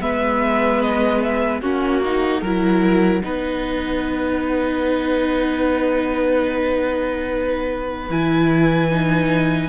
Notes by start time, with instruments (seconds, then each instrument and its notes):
0.00 cello G#3, viola B3, violin B4 E5
0.81 violin D#5
1.23 violin E5
1.61 cello A#3, viola C#4, violin F#4 F#5
2.04 viola D#4
2.41 cello F#3, viola E4, violin A#4
3.22 cello B3, viola D#4, violin B4
8.10 cello E3, viola E4, violin G#5
8.91 viola D#4